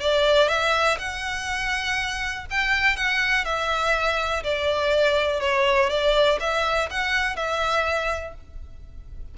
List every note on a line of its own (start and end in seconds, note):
0.00 0.48 D5
0.48 0.97 E5
0.98 2.46 F#5
2.50 2.96 G5
2.96 3.45 F#5
3.45 4.43 E5
4.44 5.40 D5
5.40 5.89 C#5
5.89 6.38 D5
6.40 6.89 E5
6.90 7.36 F#5
7.36 8.34 E5